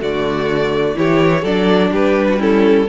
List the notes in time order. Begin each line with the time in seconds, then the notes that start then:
0.00 D3 A3 F#4 D5
0.95 E3 E4 G4 C#5
1.42 F#3 D4 A4 D5
1.91 G3 G4 B4
2.29 F#4
2.38 C#4 E4 A4